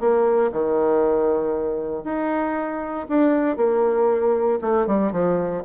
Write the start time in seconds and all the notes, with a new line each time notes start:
0.00 A#3
0.52 D#3
2.04 D#4
3.09 D4
3.57 A#3
4.61 A3
4.87 G3
5.12 F3